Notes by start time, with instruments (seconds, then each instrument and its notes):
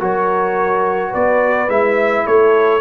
0.00 tuba F#3, trombone F#4, horn A#4, trumpet C#5
1.10 tuba B3, horn B4, trumpet D5
1.69 tuba G#3, trombone E4, trumpet E5
2.27 tuba A3, horn A4, trumpet C#5